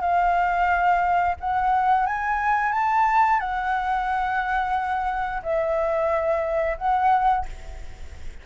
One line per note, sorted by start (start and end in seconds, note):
0.00 1.35 F5
1.40 2.06 F#5
2.06 2.72 G#5
2.72 3.39 A5
3.39 5.41 F#5
5.42 6.77 E5
6.78 7.45 F#5